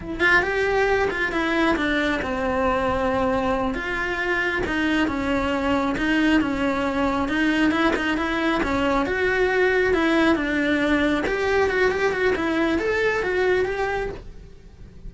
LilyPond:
\new Staff \with { instrumentName = "cello" } { \time 4/4 \tempo 4 = 136 e'8 f'8 g'4. f'8 e'4 | d'4 c'2.~ | c'8 f'2 dis'4 cis'8~ | cis'4. dis'4 cis'4.~ |
cis'8 dis'4 e'8 dis'8 e'4 cis'8~ | cis'8 fis'2 e'4 d'8~ | d'4. g'4 fis'8 g'8 fis'8 | e'4 a'4 fis'4 g'4 | }